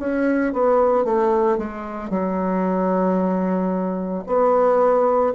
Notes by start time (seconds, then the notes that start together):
0.00 C#4
0.54 B3
1.05 A3
1.58 G#3
2.10 F#3
4.27 B3